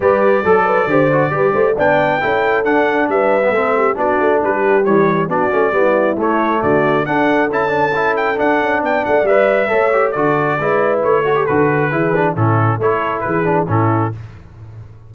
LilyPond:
<<
  \new Staff \with { instrumentName = "trumpet" } { \time 4/4 \tempo 4 = 136 d''1 | g''2 fis''4 e''4~ | e''4 d''4 b'4 cis''4 | d''2 cis''4 d''4 |
fis''4 a''4. g''8 fis''4 | g''8 fis''8 e''2 d''4~ | d''4 cis''4 b'2 | a'4 cis''4 b'4 a'4 | }
  \new Staff \with { instrumentName = "horn" } { \time 4/4 b'4 a'8 b'8 c''4 b'8 c''8 | d''4 a'2 b'4 | a'8 g'8 fis'4 g'2 | fis'4 e'2 fis'4 |
a'1 | d''2 cis''4 a'4 | b'4. a'4. gis'4 | e'4 a'4 gis'4 e'4 | }
  \new Staff \with { instrumentName = "trombone" } { \time 4/4 g'4 a'4 g'8 fis'8 g'4 | d'4 e'4 d'4.~ d'16 b16 | c'4 d'2 g4 | d'8 cis'8 b4 a2 |
d'4 e'8 d'8 e'4 d'4~ | d'4 b'4 a'8 g'8 fis'4 | e'4. fis'16 g'16 fis'4 e'8 d'8 | cis'4 e'4. d'8 cis'4 | }
  \new Staff \with { instrumentName = "tuba" } { \time 4/4 g4 fis4 d4 g8 a8 | b4 cis'4 d'4 g4 | a4 b8 a8 g4 e4 | b8 a8 g4 a4 d4 |
d'4 cis'2 d'8 cis'8 | b8 a8 g4 a4 d4 | gis4 a4 d4 e4 | a,4 a4 e4 a,4 | }
>>